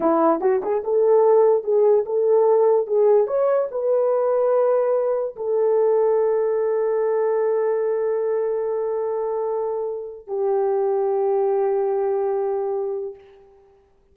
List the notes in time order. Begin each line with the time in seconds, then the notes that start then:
0.00 E4
0.41 F#4
0.62 G#4
0.84 A4
1.63 G#4
2.05 A4
2.87 G#4
3.27 C#5
3.71 B4
5.36 A4
10.27 G4